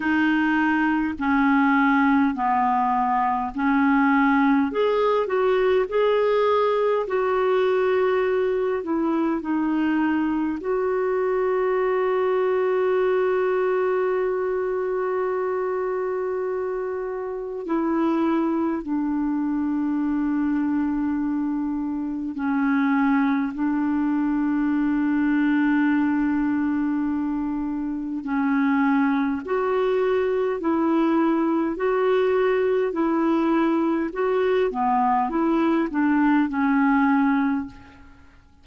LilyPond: \new Staff \with { instrumentName = "clarinet" } { \time 4/4 \tempo 4 = 51 dis'4 cis'4 b4 cis'4 | gis'8 fis'8 gis'4 fis'4. e'8 | dis'4 fis'2.~ | fis'2. e'4 |
d'2. cis'4 | d'1 | cis'4 fis'4 e'4 fis'4 | e'4 fis'8 b8 e'8 d'8 cis'4 | }